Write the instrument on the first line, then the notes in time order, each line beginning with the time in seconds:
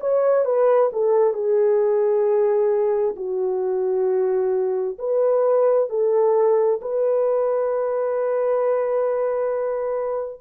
horn
0.00 C#5
0.45 B4
0.93 A4
1.33 G#4
3.16 F#4
4.98 B4
5.89 A4
6.81 B4